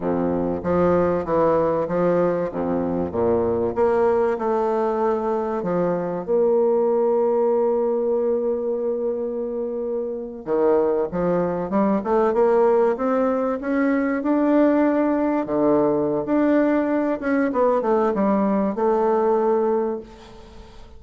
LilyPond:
\new Staff \with { instrumentName = "bassoon" } { \time 4/4 \tempo 4 = 96 f,4 f4 e4 f4 | f,4 ais,4 ais4 a4~ | a4 f4 ais2~ | ais1~ |
ais8. dis4 f4 g8 a8 ais16~ | ais8. c'4 cis'4 d'4~ d'16~ | d'8. d4~ d16 d'4. cis'8 | b8 a8 g4 a2 | }